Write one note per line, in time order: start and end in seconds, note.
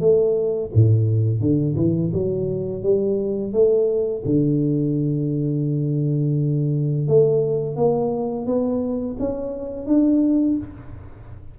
0.00 0.71 A3
0.74 1.41 A2
1.41 1.76 D3
1.76 2.12 E3
2.13 2.83 F#3
2.83 3.53 G3
3.53 4.24 A3
4.26 7.08 D3
7.08 7.76 A3
7.76 8.46 A#3
8.46 9.17 B3
9.20 9.87 C#4
9.87 10.57 D4